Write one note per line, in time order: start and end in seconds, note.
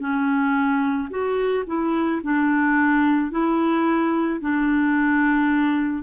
0.00 1.09 C#4
1.10 1.65 F#4
1.67 2.22 E4
2.23 3.31 D4
3.31 4.40 E4
4.41 6.03 D4